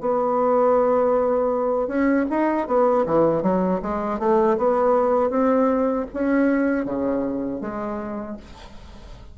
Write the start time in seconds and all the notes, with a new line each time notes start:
0.00 B3
1.87 C#4
2.30 D#4
2.67 B3
3.06 E3
3.42 F#3
3.81 G#3
4.19 A3
4.57 B3
5.30 C4
6.13 C#4
6.85 C#3
7.61 G#3